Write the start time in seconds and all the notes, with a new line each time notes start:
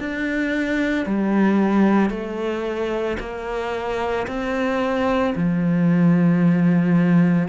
0.00 D4
1.06 G3
2.10 A3
3.20 A#3
4.28 C4
5.36 F3